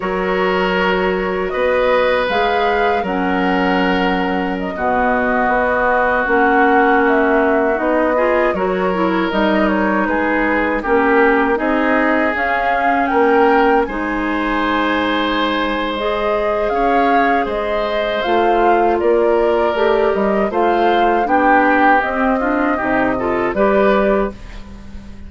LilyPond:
<<
  \new Staff \with { instrumentName = "flute" } { \time 4/4 \tempo 4 = 79 cis''2 dis''4 f''4 | fis''2 dis''2~ | dis''16 fis''4 e''4 dis''4 cis''8.~ | cis''16 dis''8 cis''8 b'4 ais'4 dis''8.~ |
dis''16 f''4 g''4 gis''4.~ gis''16~ | gis''4 dis''4 f''4 dis''4 | f''4 d''4. dis''8 f''4 | g''4 dis''2 d''4 | }
  \new Staff \with { instrumentName = "oboe" } { \time 4/4 ais'2 b'2 | ais'2~ ais'16 fis'4.~ fis'16~ | fis'2~ fis'8. gis'8 ais'8.~ | ais'4~ ais'16 gis'4 g'4 gis'8.~ |
gis'4~ gis'16 ais'4 c''4.~ c''16~ | c''2 cis''4 c''4~ | c''4 ais'2 c''4 | g'4. f'8 g'8 a'8 b'4 | }
  \new Staff \with { instrumentName = "clarinet" } { \time 4/4 fis'2. gis'4 | cis'2~ cis'16 b4.~ b16~ | b16 cis'2 dis'8 f'8 fis'8 e'16~ | e'16 dis'2 cis'4 dis'8.~ |
dis'16 cis'2 dis'4.~ dis'16~ | dis'4 gis'2. | f'2 g'4 f'4 | d'4 c'8 d'8 dis'8 f'8 g'4 | }
  \new Staff \with { instrumentName = "bassoon" } { \time 4/4 fis2 b4 gis4 | fis2~ fis16 b,4 b8.~ | b16 ais2 b4 fis8.~ | fis16 g4 gis4 ais4 c'8.~ |
c'16 cis'4 ais4 gis4.~ gis16~ | gis2 cis'4 gis4 | a4 ais4 a8 g8 a4 | b4 c'4 c4 g4 | }
>>